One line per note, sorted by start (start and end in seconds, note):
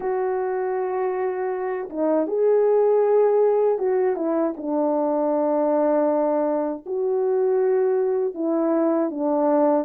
0.00 1.89 F#4
1.89 2.27 D#4
2.27 3.78 G#4
3.78 4.16 F#4
4.16 4.54 E4
4.56 6.84 D4
6.86 8.34 F#4
8.34 9.10 E4
9.10 9.85 D4